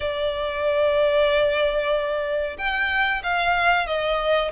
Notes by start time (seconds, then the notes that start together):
0.00 D5
2.58 G5
3.23 F5
3.86 D#5